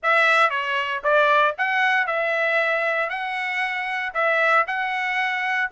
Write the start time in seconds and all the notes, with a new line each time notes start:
0.02 E5
0.50 C#5
1.03 D5
1.58 F#5
2.06 E5
3.09 F#5
4.14 E5
4.67 F#5